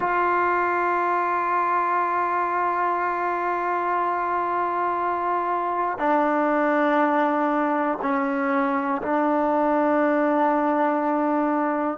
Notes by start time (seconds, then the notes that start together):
0.00 F4
5.98 D4
8.01 C#4
9.01 D4